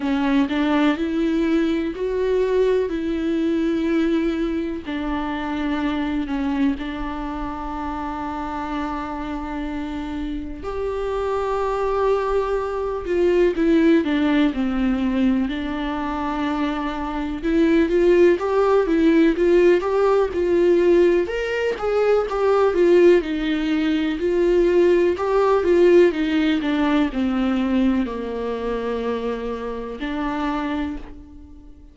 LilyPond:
\new Staff \with { instrumentName = "viola" } { \time 4/4 \tempo 4 = 62 cis'8 d'8 e'4 fis'4 e'4~ | e'4 d'4. cis'8 d'4~ | d'2. g'4~ | g'4. f'8 e'8 d'8 c'4 |
d'2 e'8 f'8 g'8 e'8 | f'8 g'8 f'4 ais'8 gis'8 g'8 f'8 | dis'4 f'4 g'8 f'8 dis'8 d'8 | c'4 ais2 d'4 | }